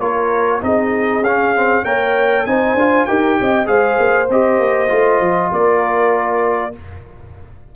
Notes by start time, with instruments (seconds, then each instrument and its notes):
0.00 tuba A#3, trombone F4, horn A#4, trumpet C#5
0.61 tuba C4, trombone D#4, horn G#4, trumpet D#5
1.21 tuba C#4, trombone C#4, trumpet F5
1.55 trombone C4
1.84 tuba A#3, trombone A#4, horn C#5, trumpet G5
2.46 tuba C4, trombone D#4, horn C5, trumpet G#5
2.74 tuba D4, trombone F4
3.06 tuba D#4, trombone G4, horn A#4, trumpet G5
3.40 tuba C4, horn D#5
3.66 tuba G#3, trombone G#4, horn C5, trumpet F5
3.99 tuba A#3
4.29 tuba C4, trombone G4, trumpet D#5
4.59 tuba A#3
4.89 tuba A3, trombone F4
5.21 tuba F3
5.52 tuba A#3, horn A#4, trumpet D5